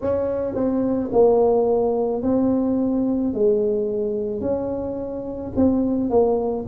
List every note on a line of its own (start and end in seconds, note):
0.01 0.55 C#4
0.55 1.10 C4
1.12 2.22 A#3
2.22 3.33 C4
3.33 4.40 G#3
4.40 5.52 C#4
5.56 6.10 C4
6.10 6.65 A#3